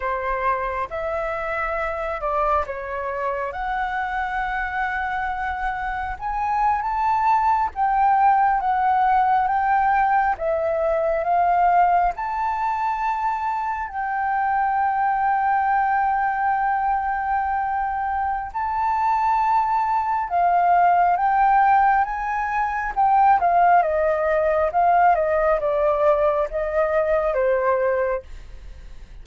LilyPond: \new Staff \with { instrumentName = "flute" } { \time 4/4 \tempo 4 = 68 c''4 e''4. d''8 cis''4 | fis''2. gis''8. a''16~ | a''8. g''4 fis''4 g''4 e''16~ | e''8. f''4 a''2 g''16~ |
g''1~ | g''4 a''2 f''4 | g''4 gis''4 g''8 f''8 dis''4 | f''8 dis''8 d''4 dis''4 c''4 | }